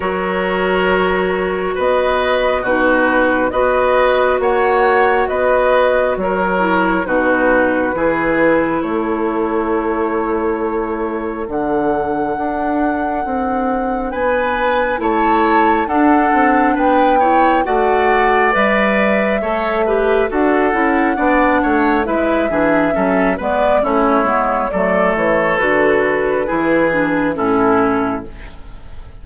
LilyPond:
<<
  \new Staff \with { instrumentName = "flute" } { \time 4/4 \tempo 4 = 68 cis''2 dis''4 b'4 | dis''4 fis''4 dis''4 cis''4 | b'2 cis''2~ | cis''4 fis''2. |
gis''4 a''4 fis''4 g''4 | fis''4 e''2 fis''4~ | fis''4 e''4. d''8 cis''4 | d''8 cis''8 b'2 a'4 | }
  \new Staff \with { instrumentName = "oboe" } { \time 4/4 ais'2 b'4 fis'4 | b'4 cis''4 b'4 ais'4 | fis'4 gis'4 a'2~ | a'1 |
b'4 cis''4 a'4 b'8 cis''8 | d''2 cis''8 b'8 a'4 | d''8 cis''8 b'8 gis'8 a'8 b'8 e'4 | a'2 gis'4 e'4 | }
  \new Staff \with { instrumentName = "clarinet" } { \time 4/4 fis'2. dis'4 | fis'2.~ fis'8 e'8 | dis'4 e'2.~ | e'4 d'2.~ |
d'4 e'4 d'4. e'8 | fis'4 b'4 a'8 g'8 fis'8 e'8 | d'4 e'8 d'8 cis'8 b8 cis'8 b8 | a4 fis'4 e'8 d'8 cis'4 | }
  \new Staff \with { instrumentName = "bassoon" } { \time 4/4 fis2 b4 b,4 | b4 ais4 b4 fis4 | b,4 e4 a2~ | a4 d4 d'4 c'4 |
b4 a4 d'8 c'8 b4 | a4 g4 a4 d'8 cis'8 | b8 a8 gis8 e8 fis8 gis8 a8 gis8 | fis8 e8 d4 e4 a,4 | }
>>